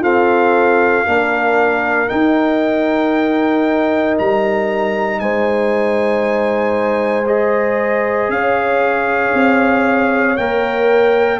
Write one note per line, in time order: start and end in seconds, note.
0.00 1.05 C4
0.00 1.03 F4
0.00 1.06 A4
0.00 2.09 F5
1.05 2.09 A#3
1.05 2.07 D4
1.05 5.21 A#4
2.07 7.24 D#4
2.07 4.18 D#4
2.07 4.16 G5
4.18 5.20 G3
4.18 5.19 A#5
5.19 8.29 G#3
5.19 8.31 C5
5.19 7.26 G#5
7.26 10.36 G#4
7.26 8.30 D#5
8.29 9.32 C#4
8.29 11.40 C#5
8.29 10.36 F5
9.33 10.37 C4
10.36 11.40 A#3
10.36 11.40 A#4
10.36 11.40 G5